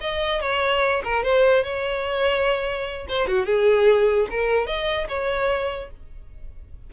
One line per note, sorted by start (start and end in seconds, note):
0.00 0.41 D#5
0.41 1.02 C#5
1.04 1.23 A#4
1.23 1.63 C5
1.63 3.06 C#5
3.08 3.27 C5
3.27 3.45 F#4
3.45 4.27 G#4
4.30 4.66 A#4
4.66 5.07 D#5
5.08 5.90 C#5